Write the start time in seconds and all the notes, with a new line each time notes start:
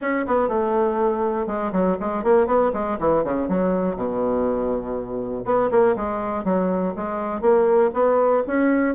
0.01 C#4
0.26 B3
0.48 A3
1.46 G#3
1.72 F#3
2.00 G#3
2.23 A#3
2.46 B3
2.73 G#3
2.99 E3
3.24 C#3
3.48 F#3
3.96 B2
5.45 B3
5.70 A#3
5.96 G#3
6.44 F#3
6.96 G#3
7.41 A#3
7.93 B3
8.47 C#4